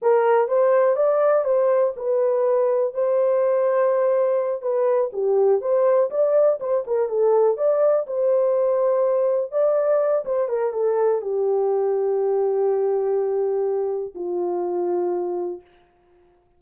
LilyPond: \new Staff \with { instrumentName = "horn" } { \time 4/4 \tempo 4 = 123 ais'4 c''4 d''4 c''4 | b'2 c''2~ | c''4. b'4 g'4 c''8~ | c''8 d''4 c''8 ais'8 a'4 d''8~ |
d''8 c''2. d''8~ | d''4 c''8 ais'8 a'4 g'4~ | g'1~ | g'4 f'2. | }